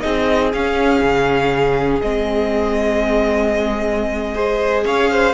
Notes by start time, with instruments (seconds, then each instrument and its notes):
0.00 cello C4, viola D#4, violin G#4 D#5
0.53 viola C#4, cello C#4, violin F5
1.01 cello C#3
2.01 cello G#3, viola C4, violin D#5
4.34 viola G#4, violin C5
4.84 cello C#4, violin C#5 F5
5.10 violin C5